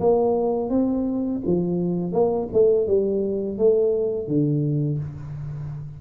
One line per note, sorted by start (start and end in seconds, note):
0.00 0.69 A#3
0.69 1.41 C4
1.46 2.12 F3
2.12 2.48 A#3
2.53 2.87 A3
2.87 3.58 G3
3.58 4.27 A3
4.27 4.99 D3